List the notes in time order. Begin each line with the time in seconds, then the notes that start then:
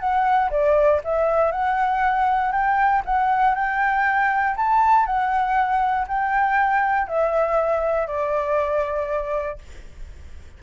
0.00 F#5
0.51 D5
1.04 E5
1.52 F#5
2.53 G5
3.05 F#5
3.55 G5
4.57 A5
5.06 F#5
6.08 G5
7.08 E5
8.08 D5